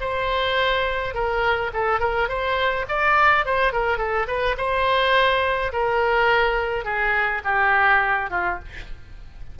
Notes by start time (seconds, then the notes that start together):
0.00 C5
1.14 A#4
1.73 A4
2.00 A#4
2.28 C5
2.88 D5
3.45 C5
3.72 A#4
3.98 A4
4.27 B4
4.57 C5
5.72 A#4
6.84 G#4
7.44 G4
8.30 F4